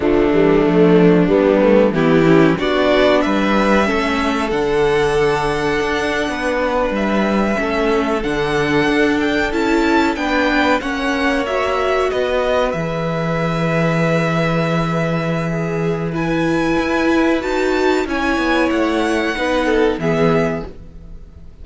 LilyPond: <<
  \new Staff \with { instrumentName = "violin" } { \time 4/4 \tempo 4 = 93 d'2. g'4 | d''4 e''2 fis''4~ | fis''2~ fis''8. e''4~ e''16~ | e''8. fis''4. g''8 a''4 g''16~ |
g''8. fis''4 e''4 dis''4 e''16~ | e''1~ | e''4 gis''2 a''4 | gis''4 fis''2 e''4 | }
  \new Staff \with { instrumentName = "violin" } { \time 4/4 a2 b4 e'4 | fis'4 b'4 a'2~ | a'4.~ a'16 b'2 a'16~ | a'2.~ a'8. b'16~ |
b'8. cis''2 b'4~ b'16~ | b'1 | gis'4 b'2. | cis''2 b'8 a'8 gis'4 | }
  \new Staff \with { instrumentName = "viola" } { \time 4/4 f8 g8 a4 g8 a8 b8 cis'8 | d'2 cis'4 d'4~ | d'2.~ d'8. cis'16~ | cis'8. d'2 e'4 d'16~ |
d'8. cis'4 fis'2 gis'16~ | gis'1~ | gis'4 e'2 fis'4 | e'2 dis'4 b4 | }
  \new Staff \with { instrumentName = "cello" } { \time 4/4 d8 e8 f4 g4 e4 | b4 g4 a4 d4~ | d4 d'8. b4 g4 a16~ | a8. d4 d'4 cis'4 b16~ |
b8. ais2 b4 e16~ | e1~ | e2 e'4 dis'4 | cis'8 b8 a4 b4 e4 | }
>>